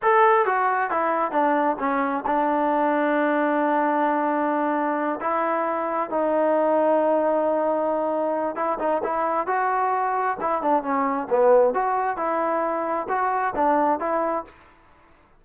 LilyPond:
\new Staff \with { instrumentName = "trombone" } { \time 4/4 \tempo 4 = 133 a'4 fis'4 e'4 d'4 | cis'4 d'2.~ | d'2.~ d'8 e'8~ | e'4. dis'2~ dis'8~ |
dis'2. e'8 dis'8 | e'4 fis'2 e'8 d'8 | cis'4 b4 fis'4 e'4~ | e'4 fis'4 d'4 e'4 | }